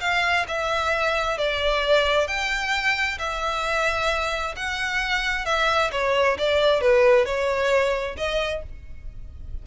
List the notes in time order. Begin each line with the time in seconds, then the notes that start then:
0.00 F5
0.48 E5
1.38 D5
2.27 G5
3.18 E5
4.56 F#5
5.45 E5
5.92 C#5
6.38 D5
6.81 B4
7.25 C#5
8.17 D#5